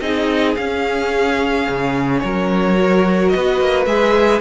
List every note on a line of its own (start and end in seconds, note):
0.00 0.56 C4
0.00 0.57 D#4
0.00 2.22 G#4
0.00 0.55 D#5
0.56 1.68 C#4
0.56 2.76 C#4
0.56 2.19 F5
1.68 2.23 C#3
2.19 3.34 F#3
2.19 3.34 A#4
2.19 3.29 C#5
2.76 3.86 F#4
3.29 4.40 B4
3.29 3.84 D#5
3.35 3.60 B3
3.60 3.86 A#3
3.86 4.40 G#3
3.86 4.40 G#4
3.86 4.40 E5